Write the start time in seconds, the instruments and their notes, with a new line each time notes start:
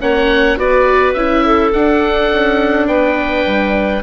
0.00 bassoon A#3, viola C#4, clarinet C#5, oboe F#5
0.58 bassoon B3, viola F#4, clarinet B4, oboe D5
1.14 bassoon C#4, viola E4, oboe E5
1.46 clarinet A4
1.73 viola D4, bassoon D4, oboe F#5
2.32 bassoon C#4
2.87 bassoon B3, clarinet B4, oboe G5
3.46 bassoon G3